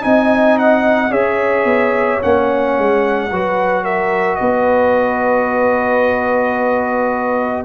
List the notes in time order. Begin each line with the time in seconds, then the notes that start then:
0.00 C4 D#4 D#5 G#5
0.58 F#5
1.10 C#4 G#4 C#5 E5
1.64 B3
2.20 A#3 C#4 F#5
2.78 G#3
3.30 F#3 F#4 B4
3.83 A#4 E5
4.35 B3 B4 D#5